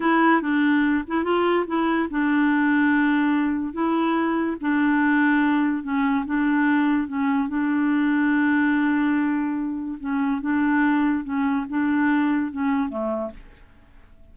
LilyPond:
\new Staff \with { instrumentName = "clarinet" } { \time 4/4 \tempo 4 = 144 e'4 d'4. e'8 f'4 | e'4 d'2.~ | d'4 e'2 d'4~ | d'2 cis'4 d'4~ |
d'4 cis'4 d'2~ | d'1 | cis'4 d'2 cis'4 | d'2 cis'4 a4 | }